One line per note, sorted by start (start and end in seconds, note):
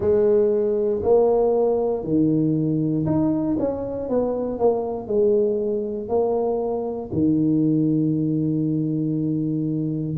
0.00 1.01 G#3
1.02 2.03 A#3
2.03 3.05 D#3
3.06 3.56 D#4
3.59 4.09 C#4
4.09 4.59 B3
4.59 5.07 A#3
5.07 6.08 G#3
6.08 7.10 A#3
7.12 10.17 D#3